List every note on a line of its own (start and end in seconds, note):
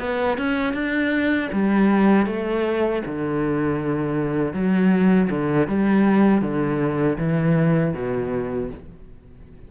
0.00 0.38 B3
0.38 0.74 C#4
0.74 1.50 D4
1.53 2.27 G3
2.27 3.03 A3
3.06 4.53 D3
4.53 5.29 F#3
5.30 5.68 D3
5.68 6.42 G3
6.42 7.18 D3
7.18 7.94 E3
7.94 8.70 B2